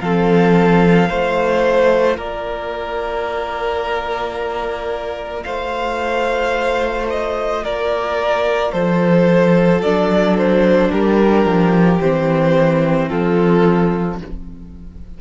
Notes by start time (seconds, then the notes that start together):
0.00 F3 C4 A4 F5
1.07 A3 F4 C5
2.17 A#3 A#4 D5
5.42 A3 C5 F5
7.09 D#5
7.63 A#3 A#4 D5
8.72 F3 A4 C5
9.81 F#3 D4 D5
10.37 C5
10.91 G3 G4 A#4
11.45 F3
12.00 E3 C4 C5
13.08 F3 F4 A4